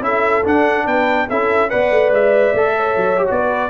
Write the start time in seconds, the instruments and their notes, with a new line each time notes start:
0.00 tuba C#4, trombone E4, horn A4, trumpet E5
0.44 trombone D4, tuba D4, trumpet F#5
0.85 tuba B3, horn B4, trumpet G5
1.29 tuba C#4, trombone E4, horn A4, trumpet E5
1.70 tuba B3, trombone B4, horn D5, trumpet F#5
1.91 tuba A3
2.10 tuba G#3, trumpet E5
2.53 tuba A3, trombone A4
2.76 horn C#5
2.97 tuba F#3
3.17 trombone G4
3.27 tuba B3, trombone F#4, trumpet D5
3.40 horn B4